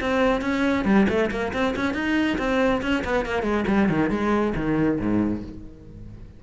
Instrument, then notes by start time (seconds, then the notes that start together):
cello
0.00 C4
0.41 C#4
0.85 G3
1.08 A3
1.30 A#3
1.53 C4
1.75 C#4
1.94 D#4
2.38 C4
2.82 C#4
3.04 B3
3.25 A#3
3.42 G#3
3.67 G3
3.89 D#3
4.10 G#3
4.55 D#3
4.99 G#2